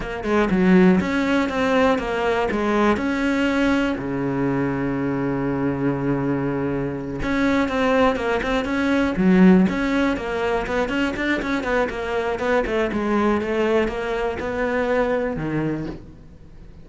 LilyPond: \new Staff \with { instrumentName = "cello" } { \time 4/4 \tempo 4 = 121 ais8 gis8 fis4 cis'4 c'4 | ais4 gis4 cis'2 | cis1~ | cis2~ cis8 cis'4 c'8~ |
c'8 ais8 c'8 cis'4 fis4 cis'8~ | cis'8 ais4 b8 cis'8 d'8 cis'8 b8 | ais4 b8 a8 gis4 a4 | ais4 b2 dis4 | }